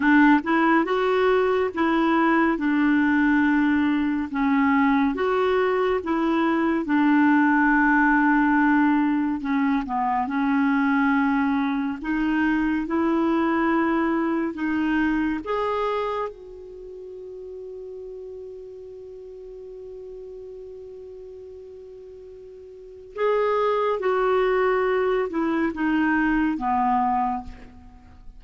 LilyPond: \new Staff \with { instrumentName = "clarinet" } { \time 4/4 \tempo 4 = 70 d'8 e'8 fis'4 e'4 d'4~ | d'4 cis'4 fis'4 e'4 | d'2. cis'8 b8 | cis'2 dis'4 e'4~ |
e'4 dis'4 gis'4 fis'4~ | fis'1~ | fis'2. gis'4 | fis'4. e'8 dis'4 b4 | }